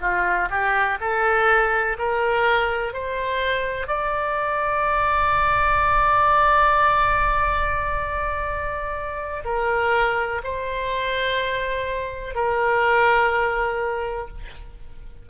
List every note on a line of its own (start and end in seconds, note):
0.00 0.48 F4
0.50 0.98 G4
1.00 1.97 A4
1.98 2.93 A#4
2.93 3.87 C5
3.87 9.43 D5
9.44 10.41 A#4
10.43 12.34 C5
12.34 14.28 A#4